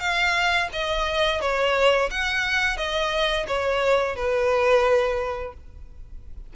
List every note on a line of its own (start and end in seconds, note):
0.00 0.69 F5
0.73 1.41 D#5
1.41 2.10 C#5
2.11 2.77 F#5
2.77 3.46 D#5
3.48 4.16 C#5
4.16 5.54 B4